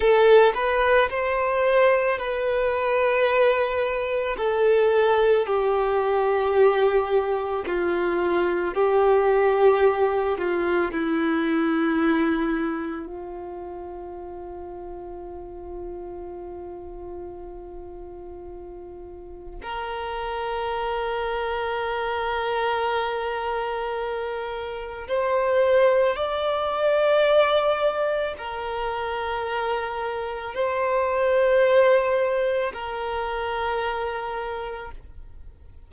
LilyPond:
\new Staff \with { instrumentName = "violin" } { \time 4/4 \tempo 4 = 55 a'8 b'8 c''4 b'2 | a'4 g'2 f'4 | g'4. f'8 e'2 | f'1~ |
f'2 ais'2~ | ais'2. c''4 | d''2 ais'2 | c''2 ais'2 | }